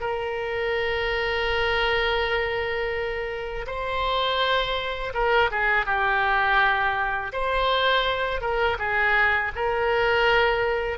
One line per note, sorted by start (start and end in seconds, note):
0.00 3.66 A#4
3.67 5.13 C5
5.14 5.50 A#4
5.51 5.85 G#4
5.85 7.32 G4
7.32 8.40 C5
8.40 8.77 A#4
8.78 9.52 G#4
9.55 10.98 A#4